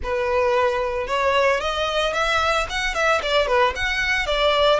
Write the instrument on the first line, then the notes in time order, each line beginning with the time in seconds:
violin
0.03 B4
1.07 C#5
1.60 D#5
2.13 E5
2.69 F#5
2.94 E5
3.22 D5
3.47 B4
3.75 F#5
4.26 D5